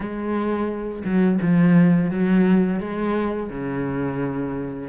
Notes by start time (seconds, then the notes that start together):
0.00 G#3
1.04 F#3
1.41 F3
2.10 F#3
2.80 G#3
3.49 C#3